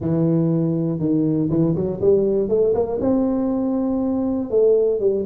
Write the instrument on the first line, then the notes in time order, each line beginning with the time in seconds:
tuba
0.00 E3
0.99 D#3
1.50 E3
1.75 F#3
2.00 G3
2.48 A3
2.74 A#3
3.00 C4
4.50 A3
5.00 G3